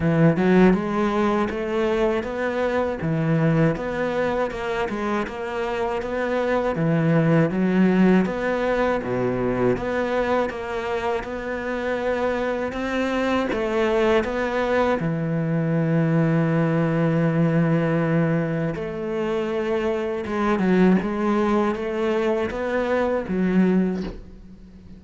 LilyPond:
\new Staff \with { instrumentName = "cello" } { \time 4/4 \tempo 4 = 80 e8 fis8 gis4 a4 b4 | e4 b4 ais8 gis8 ais4 | b4 e4 fis4 b4 | b,4 b4 ais4 b4~ |
b4 c'4 a4 b4 | e1~ | e4 a2 gis8 fis8 | gis4 a4 b4 fis4 | }